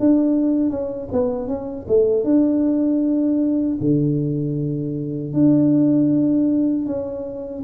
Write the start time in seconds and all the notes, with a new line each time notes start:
0.00 D4
0.70 C#4
1.13 B3
1.48 C#4
1.88 A3
2.24 D4
3.81 D3
5.34 D4
6.86 C#4